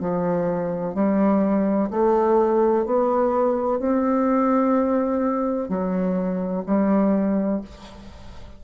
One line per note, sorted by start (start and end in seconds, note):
0.00 0.94 F3
0.94 1.90 G3
1.90 2.86 A3
2.86 3.79 B3
3.79 5.69 C4
5.69 6.64 F#3
6.66 7.61 G3